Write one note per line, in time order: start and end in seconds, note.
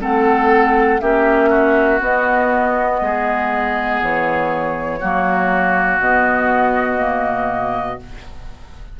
0.00 1.01 A3
0.00 1.00 C4
0.00 1.01 A4
0.00 1.00 F#5
1.00 2.01 A#3
1.00 2.00 C#4
1.00 1.50 G4
1.00 2.00 E5
1.50 3.00 F#4
2.00 5.00 B3
2.00 3.01 B3
2.00 4.02 D#5
3.01 4.01 G#3
3.01 5.00 G#4
4.01 5.01 E3
4.01 6.00 C#5
5.00 5.99 F#3
5.00 6.01 A#3
5.00 8.00 F#4
5.99 7.99 B2
5.99 6.97 B3
5.99 8.00 D#5
6.97 7.97 A#3